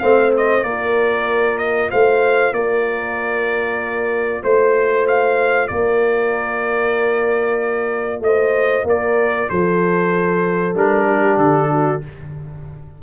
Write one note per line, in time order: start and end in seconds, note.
0.00 0.63 A3
0.00 0.64 C4
0.00 0.65 C5
0.00 0.32 F5
0.37 0.64 D#5
0.63 1.89 A#3
0.63 10.74 F4
0.63 1.91 A#4
0.63 1.58 D5
1.58 1.90 D#5
1.91 2.52 A3
1.91 2.54 C5
1.91 2.54 F5
2.52 4.42 A#3
2.52 4.43 A#4
2.52 4.43 D5
4.43 5.70 A3
4.43 5.69 C5
4.43 5.07 C5
5.08 5.68 F5
5.68 8.20 A#3
5.68 8.23 A#4
5.68 8.21 D5
8.20 8.83 A3
8.20 8.87 C5
8.20 8.87 D#5
8.84 9.47 A#3
8.84 9.50 A#4
8.84 9.50 D5
9.50 10.75 F3
9.50 11.07 A4
9.50 10.76 C5
10.75 11.37 G3
10.75 12.01 D4
10.75 11.38 A#4
11.07 11.70 G4
11.37 12.00 D3
11.37 12.01 A4
11.71 12.03 F#4